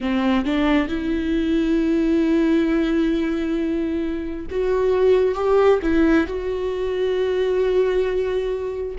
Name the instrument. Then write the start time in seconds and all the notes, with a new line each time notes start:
viola
0.00 C4
0.45 D4
0.88 E4
4.50 F#4
5.34 G4
5.82 E4
6.27 F#4